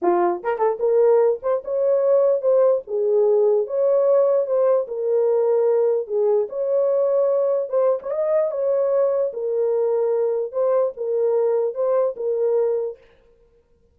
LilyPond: \new Staff \with { instrumentName = "horn" } { \time 4/4 \tempo 4 = 148 f'4 ais'8 a'8 ais'4. c''8 | cis''2 c''4 gis'4~ | gis'4 cis''2 c''4 | ais'2. gis'4 |
cis''2. c''8. cis''16 | dis''4 cis''2 ais'4~ | ais'2 c''4 ais'4~ | ais'4 c''4 ais'2 | }